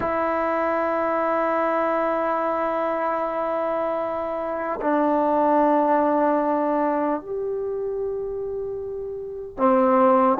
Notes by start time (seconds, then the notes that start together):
0.00 E4
4.81 D4
7.20 G4
9.57 C4